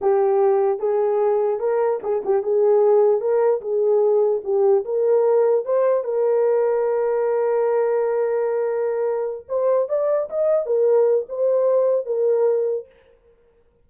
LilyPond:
\new Staff \with { instrumentName = "horn" } { \time 4/4 \tempo 4 = 149 g'2 gis'2 | ais'4 gis'8 g'8 gis'2 | ais'4 gis'2 g'4 | ais'2 c''4 ais'4~ |
ais'1~ | ais'2.~ ais'8 c''8~ | c''8 d''4 dis''4 ais'4. | c''2 ais'2 | }